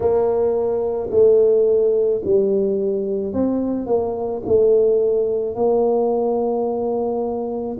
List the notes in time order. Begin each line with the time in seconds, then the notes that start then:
0.00 A#3
1.10 A3
2.24 G3
3.33 C4
3.86 A#3
4.45 A3
5.55 A#3